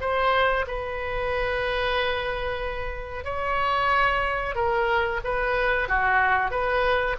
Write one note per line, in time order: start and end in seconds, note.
0.00 0.65 C5
0.67 3.24 B4
3.24 4.55 C#5
4.55 5.20 A#4
5.24 5.88 B4
5.88 6.50 F#4
6.50 7.16 B4